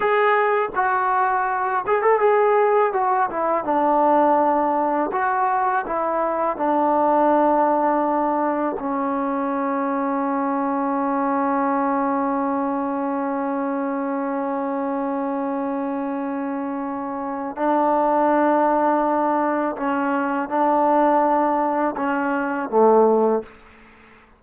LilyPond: \new Staff \with { instrumentName = "trombone" } { \time 4/4 \tempo 4 = 82 gis'4 fis'4. gis'16 a'16 gis'4 | fis'8 e'8 d'2 fis'4 | e'4 d'2. | cis'1~ |
cis'1~ | cis'1 | d'2. cis'4 | d'2 cis'4 a4 | }